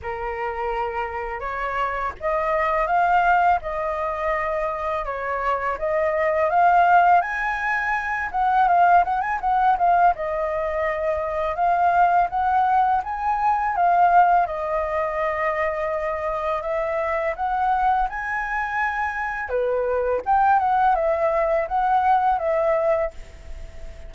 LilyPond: \new Staff \with { instrumentName = "flute" } { \time 4/4 \tempo 4 = 83 ais'2 cis''4 dis''4 | f''4 dis''2 cis''4 | dis''4 f''4 gis''4. fis''8 | f''8 fis''16 gis''16 fis''8 f''8 dis''2 |
f''4 fis''4 gis''4 f''4 | dis''2. e''4 | fis''4 gis''2 b'4 | g''8 fis''8 e''4 fis''4 e''4 | }